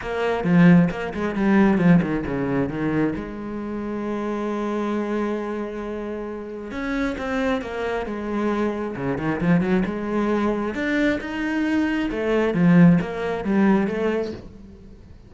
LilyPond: \new Staff \with { instrumentName = "cello" } { \time 4/4 \tempo 4 = 134 ais4 f4 ais8 gis8 g4 | f8 dis8 cis4 dis4 gis4~ | gis1~ | gis2. cis'4 |
c'4 ais4 gis2 | cis8 dis8 f8 fis8 gis2 | d'4 dis'2 a4 | f4 ais4 g4 a4 | }